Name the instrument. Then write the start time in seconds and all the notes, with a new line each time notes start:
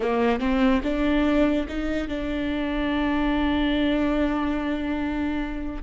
viola
0.00 A#3
0.39 C4
0.83 D4
1.68 D#4
2.08 D4